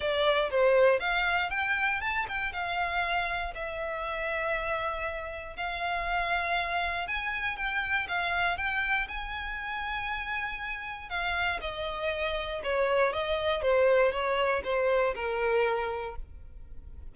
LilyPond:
\new Staff \with { instrumentName = "violin" } { \time 4/4 \tempo 4 = 119 d''4 c''4 f''4 g''4 | a''8 g''8 f''2 e''4~ | e''2. f''4~ | f''2 gis''4 g''4 |
f''4 g''4 gis''2~ | gis''2 f''4 dis''4~ | dis''4 cis''4 dis''4 c''4 | cis''4 c''4 ais'2 | }